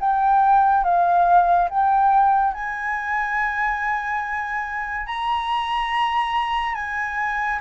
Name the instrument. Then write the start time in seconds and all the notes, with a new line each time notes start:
flute
0.00 G5
0.85 F5
1.70 G5
2.54 G#5
5.07 A#5
6.75 G#5